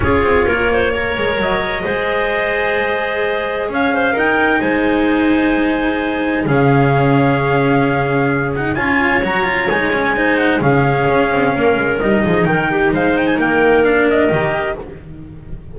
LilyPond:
<<
  \new Staff \with { instrumentName = "trumpet" } { \time 4/4 \tempo 4 = 130 cis''2. dis''4~ | dis''1 | f''4 g''4 gis''2~ | gis''2 f''2~ |
f''2~ f''8 fis''8 gis''4 | ais''4 gis''4. fis''8 f''4~ | f''2 dis''4 g''4 | f''8 g''16 gis''16 g''4 f''8 dis''4. | }
  \new Staff \with { instrumentName = "clarinet" } { \time 4/4 gis'4 ais'8 c''8 cis''2 | c''1 | cis''8 c''8 ais'4 c''2~ | c''2 gis'2~ |
gis'2. cis''4~ | cis''2 c''4 gis'4~ | gis'4 ais'4. gis'8 ais'8 g'8 | c''4 ais'2. | }
  \new Staff \with { instrumentName = "cello" } { \time 4/4 f'2 ais'2 | gis'1~ | gis'4 dis'2.~ | dis'2 cis'2~ |
cis'2~ cis'8 dis'8 f'4 | fis'8 f'8 dis'8 cis'8 dis'4 cis'4~ | cis'2 dis'2~ | dis'2 d'4 g'4 | }
  \new Staff \with { instrumentName = "double bass" } { \time 4/4 cis'8 c'8 ais4. gis8 fis4 | gis1 | cis'4 dis'4 gis2~ | gis2 cis2~ |
cis2. cis'4 | fis4 gis2 cis4 | cis'8 c'8 ais8 gis8 g8 f8 dis4 | gis4 ais2 dis4 | }
>>